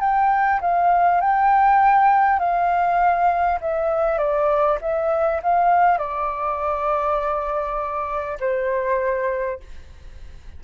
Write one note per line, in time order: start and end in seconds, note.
0.00 0.60 G5
0.61 1.21 F5
1.21 2.39 G5
2.39 3.59 F5
3.61 4.18 E5
4.18 4.78 D5
4.81 5.41 E5
5.43 5.98 F5
5.98 8.38 D5
8.40 9.60 C5